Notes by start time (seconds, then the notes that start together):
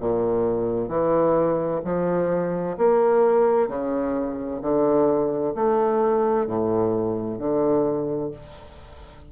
0.00 A#2
0.89 E3
1.85 F3
2.78 A#3
3.69 C#3
4.62 D3
5.55 A3
6.47 A2
7.39 D3